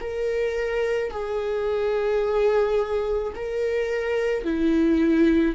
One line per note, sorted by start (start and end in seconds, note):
0.00 1.11 A#4
1.11 3.33 G#4
3.35 4.44 A#4
4.44 5.55 E4